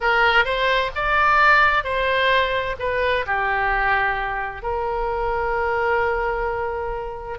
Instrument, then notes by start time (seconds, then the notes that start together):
oboe
0.00 A#4
0.44 C5
0.95 D5
1.83 C5
2.79 B4
3.26 G4
4.62 A#4